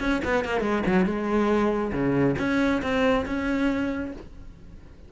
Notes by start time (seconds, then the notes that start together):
0.00 C#4
0.25 B3
0.45 A#3
0.61 G#3
0.86 F#3
1.05 G#3
1.93 C#3
2.38 C#4
2.82 C4
3.26 C#4